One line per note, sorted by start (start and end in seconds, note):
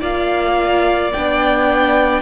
0.00 1.12 A#3
0.00 1.12 F4
0.00 2.22 D5
0.00 1.12 F5
1.12 2.22 B3
1.12 2.22 D4
1.12 2.22 G5